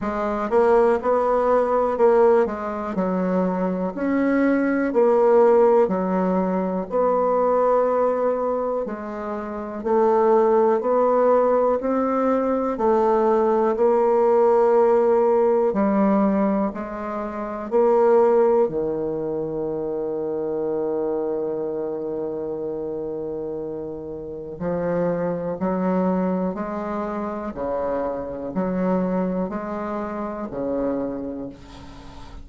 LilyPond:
\new Staff \with { instrumentName = "bassoon" } { \time 4/4 \tempo 4 = 61 gis8 ais8 b4 ais8 gis8 fis4 | cis'4 ais4 fis4 b4~ | b4 gis4 a4 b4 | c'4 a4 ais2 |
g4 gis4 ais4 dis4~ | dis1~ | dis4 f4 fis4 gis4 | cis4 fis4 gis4 cis4 | }